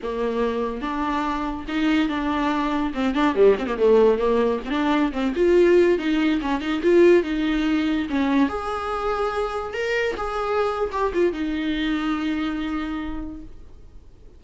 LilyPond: \new Staff \with { instrumentName = "viola" } { \time 4/4 \tempo 4 = 143 ais2 d'2 | dis'4 d'2 c'8 d'8 | g8 c'16 ais16 a4 ais4 c'16 d'8.~ | d'16 c'8 f'4. dis'4 cis'8 dis'16~ |
dis'16 f'4 dis'2 cis'8.~ | cis'16 gis'2. ais'8.~ | ais'16 gis'4.~ gis'16 g'8 f'8 dis'4~ | dis'1 | }